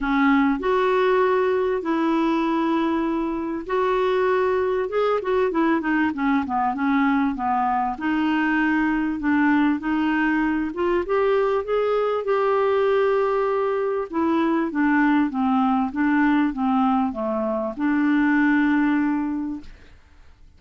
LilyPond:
\new Staff \with { instrumentName = "clarinet" } { \time 4/4 \tempo 4 = 98 cis'4 fis'2 e'4~ | e'2 fis'2 | gis'8 fis'8 e'8 dis'8 cis'8 b8 cis'4 | b4 dis'2 d'4 |
dis'4. f'8 g'4 gis'4 | g'2. e'4 | d'4 c'4 d'4 c'4 | a4 d'2. | }